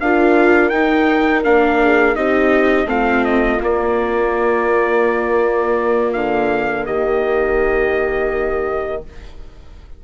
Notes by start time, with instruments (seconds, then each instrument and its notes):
0.00 bassoon D4, viola F4, horn A#4, trumpet F5
0.69 bassoon D#4, viola D#4, trumpet G5
1.44 bassoon A#3, viola D4, trumpet F5
1.82 horn G#4
2.15 bassoon C4, viola D#4, horn G4, trumpet D#5
2.86 bassoon A3, viola C4, horn F4, trumpet F5
3.25 trumpet D#5
3.60 viola A#3, bassoon A#3, trumpet D5
6.13 bassoon D3, trumpet F5
6.85 bassoon D#3, horn G4, trumpet D#5